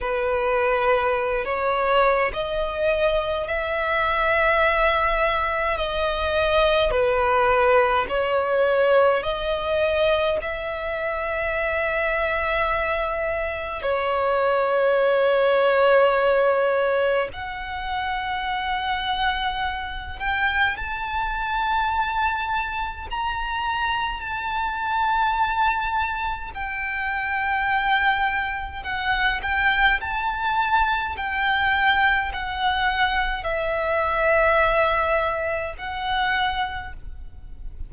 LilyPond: \new Staff \with { instrumentName = "violin" } { \time 4/4 \tempo 4 = 52 b'4~ b'16 cis''8. dis''4 e''4~ | e''4 dis''4 b'4 cis''4 | dis''4 e''2. | cis''2. fis''4~ |
fis''4. g''8 a''2 | ais''4 a''2 g''4~ | g''4 fis''8 g''8 a''4 g''4 | fis''4 e''2 fis''4 | }